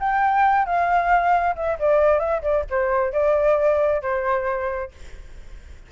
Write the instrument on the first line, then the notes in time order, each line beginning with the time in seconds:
flute
0.00 G5
0.66 F5
1.56 E5
1.80 D5
2.20 E5
2.42 D5
2.70 C5
3.13 D5
4.02 C5